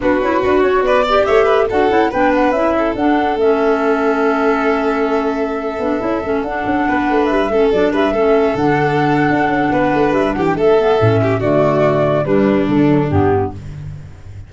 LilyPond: <<
  \new Staff \with { instrumentName = "flute" } { \time 4/4 \tempo 4 = 142 b'4. cis''8 d''4 e''4 | fis''4 g''8 fis''8 e''4 fis''4 | e''1~ | e''2.~ e''16 fis''8.~ |
fis''4~ fis''16 e''4 d''8 e''4~ e''16~ | e''16 fis''2.~ fis''8. | e''8 fis''16 g''16 e''2 d''4~ | d''4 b'4 a'4 g'4 | }
  \new Staff \with { instrumentName = "violin" } { \time 4/4 fis'2 b'8 d''8 cis''8 b'8 | a'4 b'4. a'4.~ | a'1~ | a'1~ |
a'16 b'4. a'4 b'8 a'8.~ | a'2. b'4~ | b'8 g'8 a'4. g'8 fis'4~ | fis'4 d'2. | }
  \new Staff \with { instrumentName = "clarinet" } { \time 4/4 d'8 e'8 fis'4. g'4. | fis'8 e'8 d'4 e'4 d'4 | cis'1~ | cis'4.~ cis'16 d'8 e'8 cis'8 d'8.~ |
d'4.~ d'16 cis'8 d'4 cis'8.~ | cis'16 d'2.~ d'8.~ | d'4. b8 cis'4 a4~ | a4 g4. fis8 b4 | }
  \new Staff \with { instrumentName = "tuba" } { \time 4/4 b8 cis'8 d'8 cis'8 b4 a4 | d'8 cis'8 b4 cis'4 d'4 | a1~ | a4.~ a16 b8 cis'8 a8 d'8 cis'16~ |
cis'16 b8 a8 g8 a8 fis8 g8 a8.~ | a16 d4.~ d16 d'8 cis'8 b8 a8 | g8 e8 a4 a,4 d4~ | d4 g4 d4 g,4 | }
>>